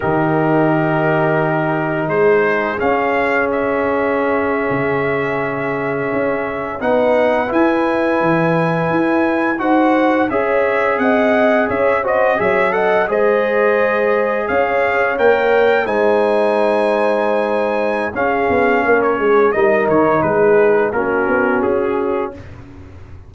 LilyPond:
<<
  \new Staff \with { instrumentName = "trumpet" } { \time 4/4 \tempo 4 = 86 ais'2. c''4 | f''4 e''2.~ | e''4.~ e''16 fis''4 gis''4~ gis''16~ | gis''4.~ gis''16 fis''4 e''4 fis''16~ |
fis''8. e''8 dis''8 e''8 fis''8 dis''4~ dis''16~ | dis''8. f''4 g''4 gis''4~ gis''16~ | gis''2 f''4~ f''16 cis''8. | dis''8 cis''8 b'4 ais'4 gis'4 | }
  \new Staff \with { instrumentName = "horn" } { \time 4/4 g'2. gis'4~ | gis'1~ | gis'4.~ gis'16 b'2~ b'16~ | b'4.~ b'16 c''4 cis''4 dis''16~ |
dis''8. cis''8 c''8 cis''8 dis''8 c''4~ c''16~ | c''8. cis''2 c''4~ c''16~ | c''2 gis'4 ais'8 gis'8 | ais'4 gis'4 fis'2 | }
  \new Staff \with { instrumentName = "trombone" } { \time 4/4 dis'1 | cis'1~ | cis'4.~ cis'16 dis'4 e'4~ e'16~ | e'4.~ e'16 fis'4 gis'4~ gis'16~ |
gis'4~ gis'16 fis'8 gis'8 a'8 gis'4~ gis'16~ | gis'4.~ gis'16 ais'4 dis'4~ dis'16~ | dis'2 cis'2 | dis'2 cis'2 | }
  \new Staff \with { instrumentName = "tuba" } { \time 4/4 dis2. gis4 | cis'2~ cis'8. cis4~ cis16~ | cis8. cis'4 b4 e'4 e16~ | e8. e'4 dis'4 cis'4 c'16~ |
c'8. cis'4 fis4 gis4~ gis16~ | gis8. cis'4 ais4 gis4~ gis16~ | gis2 cis'8 b8 ais8 gis8 | g8 dis8 gis4 ais8 b8 cis'4 | }
>>